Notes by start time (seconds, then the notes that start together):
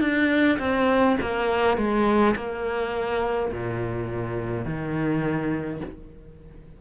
0.00 D4
0.59 C4
1.21 A#3
1.77 G#3
2.36 A#3
3.52 A#2
4.65 D#3